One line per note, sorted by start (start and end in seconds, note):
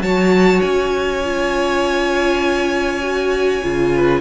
0.00 0.60 F#3
0.00 1.23 F#4
0.00 3.92 C#5
0.00 0.61 A5
0.61 3.63 C#4
0.61 4.20 G#5
1.23 3.02 F4
3.02 3.62 F#4
3.62 4.20 C#3
3.62 4.20 F4
3.95 4.20 B4